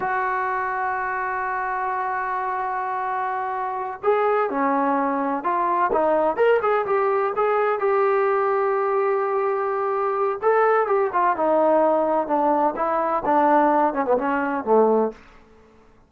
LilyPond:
\new Staff \with { instrumentName = "trombone" } { \time 4/4 \tempo 4 = 127 fis'1~ | fis'1~ | fis'8 gis'4 cis'2 f'8~ | f'8 dis'4 ais'8 gis'8 g'4 gis'8~ |
gis'8 g'2.~ g'8~ | g'2 a'4 g'8 f'8 | dis'2 d'4 e'4 | d'4. cis'16 b16 cis'4 a4 | }